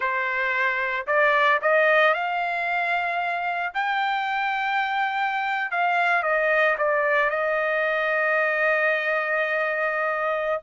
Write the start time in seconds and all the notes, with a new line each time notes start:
0.00 C5
1.06 D5
1.61 D#5
2.14 F5
3.74 G5
5.71 F5
6.22 D#5
6.77 D5
7.29 D#5